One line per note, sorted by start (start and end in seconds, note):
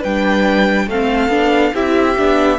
0.00 0.88 G3
0.00 0.90 D4
0.00 0.86 B4
0.00 0.89 G5
0.88 1.29 A3
0.88 1.31 C4
0.88 1.74 A4
0.88 1.76 F5
1.29 1.71 B3
1.29 1.74 D4
1.74 2.17 C4
1.74 2.18 E4
1.74 2.59 G4
1.74 2.59 E5
2.18 2.59 B3
2.18 2.59 D4